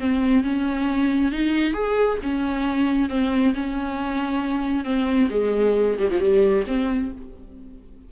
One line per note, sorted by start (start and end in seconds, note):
0.00 0.44 C4
0.44 1.32 C#4
1.32 1.73 D#4
1.73 2.18 G#4
2.23 3.09 C#4
3.09 3.54 C4
3.54 4.85 C#4
4.85 5.29 C4
5.31 5.97 G#3
5.99 6.10 G3
6.11 6.20 F3
6.20 6.65 G3
6.67 7.12 C4